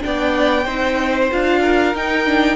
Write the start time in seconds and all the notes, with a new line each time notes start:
0.00 B3 D4 D5 G5
0.64 C4 D#4 C5
1.31 D4 F4 F5
1.61 A#4
1.94 D#4 G5
2.26 D4